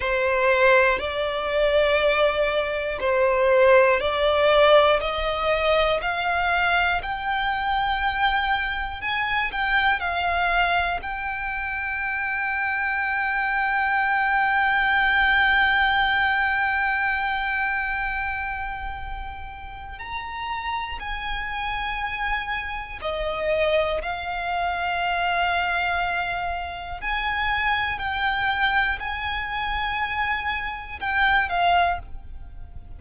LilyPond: \new Staff \with { instrumentName = "violin" } { \time 4/4 \tempo 4 = 60 c''4 d''2 c''4 | d''4 dis''4 f''4 g''4~ | g''4 gis''8 g''8 f''4 g''4~ | g''1~ |
g''1 | ais''4 gis''2 dis''4 | f''2. gis''4 | g''4 gis''2 g''8 f''8 | }